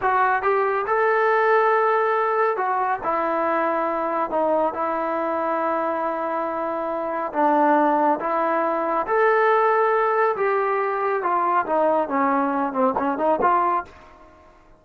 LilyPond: \new Staff \with { instrumentName = "trombone" } { \time 4/4 \tempo 4 = 139 fis'4 g'4 a'2~ | a'2 fis'4 e'4~ | e'2 dis'4 e'4~ | e'1~ |
e'4 d'2 e'4~ | e'4 a'2. | g'2 f'4 dis'4 | cis'4. c'8 cis'8 dis'8 f'4 | }